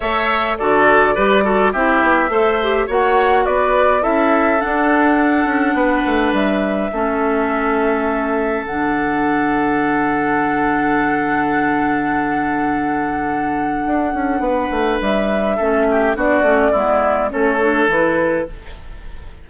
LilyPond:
<<
  \new Staff \with { instrumentName = "flute" } { \time 4/4 \tempo 4 = 104 e''4 d''2 e''4~ | e''4 fis''4 d''4 e''4 | fis''2. e''4~ | e''2. fis''4~ |
fis''1~ | fis''1~ | fis''2 e''2 | d''2 cis''4 b'4 | }
  \new Staff \with { instrumentName = "oboe" } { \time 4/4 cis''4 a'4 b'8 a'8 g'4 | c''4 cis''4 b'4 a'4~ | a'2 b'2 | a'1~ |
a'1~ | a'1~ | a'4 b'2 a'8 g'8 | fis'4 e'4 a'2 | }
  \new Staff \with { instrumentName = "clarinet" } { \time 4/4 a'4 fis'4 g'8 fis'8 e'4 | a'8 g'8 fis'2 e'4 | d'1 | cis'2. d'4~ |
d'1~ | d'1~ | d'2. cis'4 | d'8 cis'8 b4 cis'8 d'8 e'4 | }
  \new Staff \with { instrumentName = "bassoon" } { \time 4/4 a4 d4 g4 c'8 b8 | a4 ais4 b4 cis'4 | d'4. cis'8 b8 a8 g4 | a2. d4~ |
d1~ | d1 | d'8 cis'8 b8 a8 g4 a4 | b8 a8 gis4 a4 e4 | }
>>